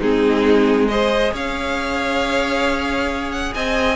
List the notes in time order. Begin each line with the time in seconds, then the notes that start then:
0.00 G#3 C4 D#4 G#4
0.88 G#4 C5 D#5
1.33 C#4 C#5 F5
3.32 F#5
3.54 C4 D#5 G#5